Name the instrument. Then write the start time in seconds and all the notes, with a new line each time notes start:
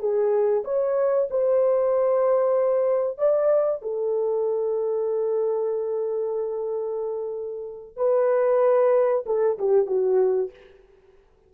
horn
0.00 G#4
0.65 C#5
1.31 C5
3.18 D5
3.82 A4
7.97 B4
9.26 A4
9.59 G4
9.87 F#4